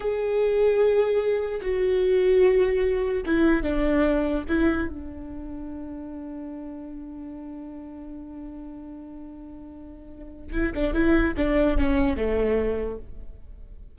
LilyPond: \new Staff \with { instrumentName = "viola" } { \time 4/4 \tempo 4 = 148 gis'1 | fis'1 | e'4 d'2 e'4 | d'1~ |
d'1~ | d'1~ | d'2 e'8 d'8 e'4 | d'4 cis'4 a2 | }